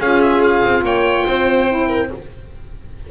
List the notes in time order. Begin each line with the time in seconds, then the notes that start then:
0.00 C#4 F4 G#4 F5
0.22 E5
0.43 F5
0.65 C4
0.83 A#3 C#5 G5
1.26 C4 C5
1.68 E4
1.88 A#4